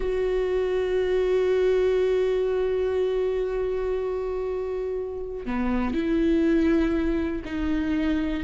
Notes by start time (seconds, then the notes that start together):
0.00 F#4
5.45 B3
5.93 E4
7.44 D#4